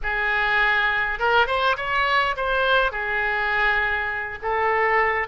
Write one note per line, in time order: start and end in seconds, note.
0.03 1.19 G#4
1.19 1.47 A#4
1.47 1.76 C5
1.76 2.35 C#5
2.36 2.91 C5
2.91 4.38 G#4
4.42 5.27 A4